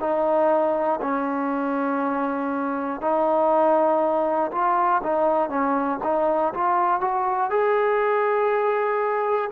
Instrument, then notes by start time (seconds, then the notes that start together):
trombone
0.00 D#4
1.02 C#4
3.01 D#4
4.52 F4
5.03 D#4
5.50 C#4
6.04 D#4
6.54 F4
7.01 F#4
7.51 G#4